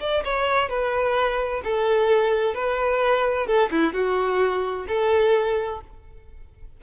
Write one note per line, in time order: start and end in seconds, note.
0.00 0.23 D5
0.24 0.69 C#5
0.69 1.62 B4
1.64 2.54 A4
2.54 3.47 B4
3.47 3.70 A4
3.71 3.93 E4
3.93 4.86 F#4
4.88 5.81 A4